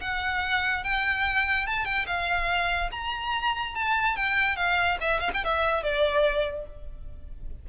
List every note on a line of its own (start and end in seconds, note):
0.00 0.83 F#5
0.83 1.66 G5
1.66 1.84 A5
1.84 2.05 G5
2.06 2.90 F5
2.91 3.74 A#5
3.75 4.16 A5
4.16 4.56 G5
4.56 4.97 F5
5.00 5.20 E5
5.20 5.30 F5
5.34 5.44 G5
5.44 5.83 E5
5.83 6.66 D5